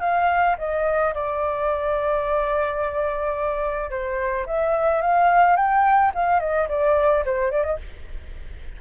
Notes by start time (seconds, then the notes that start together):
0.00 F5
0.58 D#5
1.14 D5
3.90 C5
4.46 E5
5.01 F5
5.56 G5
6.14 F5
6.40 D#5
6.68 D5
7.25 C5
7.51 D5
7.63 D#5